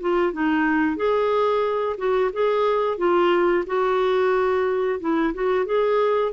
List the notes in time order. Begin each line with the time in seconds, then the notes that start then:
0.00 F4
0.32 D#4
0.96 G#4
1.97 F#4
2.32 G#4
2.98 F4
3.66 F#4
5.00 E4
5.34 F#4
5.65 G#4